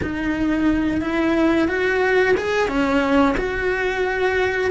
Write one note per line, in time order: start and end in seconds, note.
0.02 1.01 D#4
1.01 1.68 E4
1.68 2.35 F#4
2.36 2.68 G#4
2.68 3.35 C#4
3.37 4.70 F#4